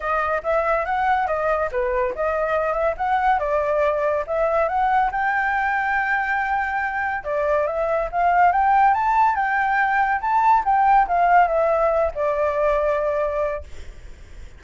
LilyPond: \new Staff \with { instrumentName = "flute" } { \time 4/4 \tempo 4 = 141 dis''4 e''4 fis''4 dis''4 | b'4 dis''4. e''8 fis''4 | d''2 e''4 fis''4 | g''1~ |
g''4 d''4 e''4 f''4 | g''4 a''4 g''2 | a''4 g''4 f''4 e''4~ | e''8 d''2.~ d''8 | }